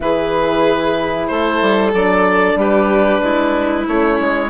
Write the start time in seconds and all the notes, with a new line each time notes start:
0.00 E3 E4 G#4 B4
1.27 A3 A4 C5
1.61 G3
1.93 F#3 D4 D5
2.55 G3 G4 B4
3.22 G#3 E4
3.87 A3 C#4 C#5
4.20 G#3